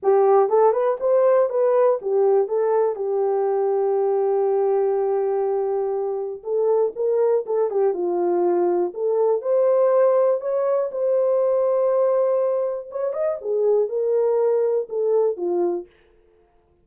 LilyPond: \new Staff \with { instrumentName = "horn" } { \time 4/4 \tempo 4 = 121 g'4 a'8 b'8 c''4 b'4 | g'4 a'4 g'2~ | g'1~ | g'4 a'4 ais'4 a'8 g'8 |
f'2 a'4 c''4~ | c''4 cis''4 c''2~ | c''2 cis''8 dis''8 gis'4 | ais'2 a'4 f'4 | }